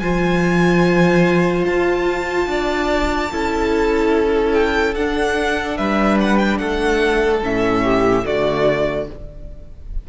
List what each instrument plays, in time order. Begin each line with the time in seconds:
0.00 cello F3, viola F4, violin C5 G#5
1.66 cello F4, violin A5
2.47 cello D4, violin D5
3.31 cello C#4, viola E4, violin A4
4.54 violin G5
4.95 cello D4, viola D4, violin F#5
5.78 cello G3, violin B4 E5
6.21 violin F#5
6.37 violin G5
6.58 cello A3, violin A4 F#5
7.42 cello A2, viola C#4, violin E5
7.84 violin G4
8.24 cello D3, viola A3, violin F#4 D5